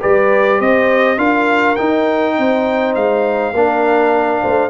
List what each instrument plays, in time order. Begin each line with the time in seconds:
0.00 tuba G3, trombone G4, horn B4, trumpet D5
0.58 tuba C4, horn C5, trumpet D#5
1.17 tuba D4, trombone F4, horn A#4, trumpet F5
1.76 trombone D#4, tuba D#4, trumpet G5
2.38 tuba C4, horn C5
2.95 tuba G#3, trumpet F5
3.53 tuba A#3, trombone D4, horn A#4
4.42 tuba A3, horn C5